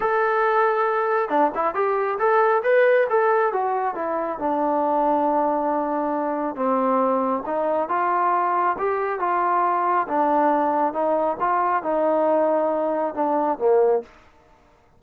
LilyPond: \new Staff \with { instrumentName = "trombone" } { \time 4/4 \tempo 4 = 137 a'2. d'8 e'8 | g'4 a'4 b'4 a'4 | fis'4 e'4 d'2~ | d'2. c'4~ |
c'4 dis'4 f'2 | g'4 f'2 d'4~ | d'4 dis'4 f'4 dis'4~ | dis'2 d'4 ais4 | }